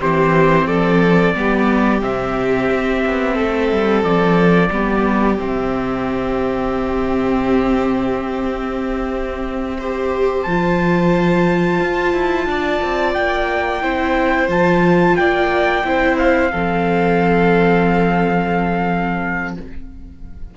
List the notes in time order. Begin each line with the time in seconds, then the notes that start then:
0.00 E3 C4 G4 C5
0.67 F3 A4 D5
1.35 G3 B3 G4
2.01 C3 C4 E5
2.71 C4
3.06 B3
3.34 A3 A4
3.71 G3
4.03 F3 D5
4.70 G3 B3 G4
5.38 C3 C4 E5
8.45 C4
9.78 G4 C5
10.43 F3 A5
10.49 F4
11.80 F4
12.13 E4
12.46 D4 D5
12.82 C4
13.14 A#3 G5
13.82 C4 E4 C5
14.48 F3 F4 A5
15.16 A#3 D5 G5
15.84 C4 E4 C5
16.18 F5
16.51 F3 C4 A4